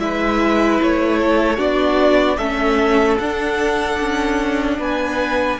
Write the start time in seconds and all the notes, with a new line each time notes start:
0.00 G#3 E4 B4 E5
0.83 A3 C#5
1.19 A4
1.58 B3 D4 F#4 D5
2.38 A3 C#4 A4 E5
3.19 D4 F#5
4.00 C#4
4.79 B3 B4 G#5